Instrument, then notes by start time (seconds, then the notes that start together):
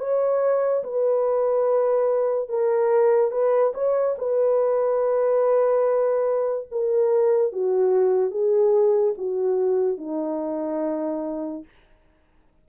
horn
0.00 C#5
0.84 B4
2.49 A#4
3.32 B4
3.74 C#5
4.18 B4
6.72 A#4
7.53 F#4
8.31 G#4
9.18 F#4
9.98 D#4